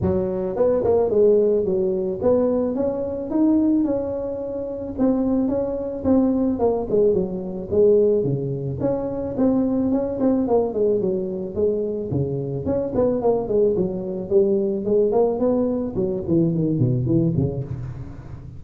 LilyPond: \new Staff \with { instrumentName = "tuba" } { \time 4/4 \tempo 4 = 109 fis4 b8 ais8 gis4 fis4 | b4 cis'4 dis'4 cis'4~ | cis'4 c'4 cis'4 c'4 | ais8 gis8 fis4 gis4 cis4 |
cis'4 c'4 cis'8 c'8 ais8 gis8 | fis4 gis4 cis4 cis'8 b8 | ais8 gis8 fis4 g4 gis8 ais8 | b4 fis8 e8 dis8 b,8 e8 cis8 | }